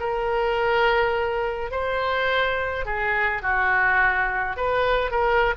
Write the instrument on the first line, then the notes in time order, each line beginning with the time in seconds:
oboe
0.00 A#4
1.71 C5
2.85 G#4
3.42 F#4
4.57 B4
5.11 A#4